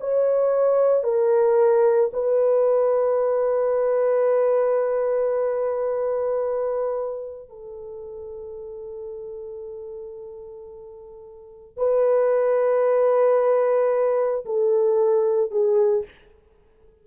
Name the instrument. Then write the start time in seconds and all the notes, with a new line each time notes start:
horn
0.00 C#5
1.03 A#4
2.13 B4
7.49 A4
11.77 B4
14.45 A4
15.51 G#4